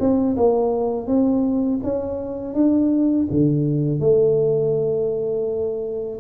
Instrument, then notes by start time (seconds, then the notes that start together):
tuba
0.00 C4
0.37 A#3
1.07 C4
1.84 C#4
2.55 D4
3.31 D3
4.00 A3